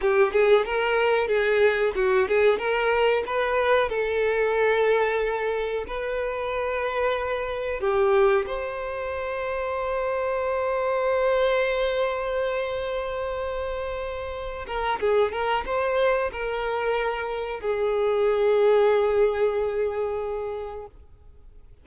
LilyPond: \new Staff \with { instrumentName = "violin" } { \time 4/4 \tempo 4 = 92 g'8 gis'8 ais'4 gis'4 fis'8 gis'8 | ais'4 b'4 a'2~ | a'4 b'2. | g'4 c''2.~ |
c''1~ | c''2~ c''8 ais'8 gis'8 ais'8 | c''4 ais'2 gis'4~ | gis'1 | }